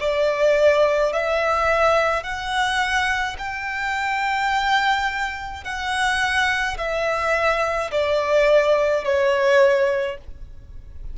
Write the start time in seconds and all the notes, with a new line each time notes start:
0.00 D5
1.13 E5
2.23 F#5
3.39 G5
5.64 F#5
6.78 E5
7.91 D5
9.05 C#5